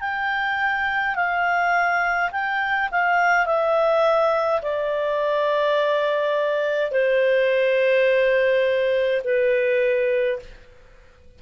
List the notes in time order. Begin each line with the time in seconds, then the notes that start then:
0.00 G5
1.15 F5
2.31 G5
2.91 F5
3.46 E5
4.62 D5
6.91 C5
9.24 B4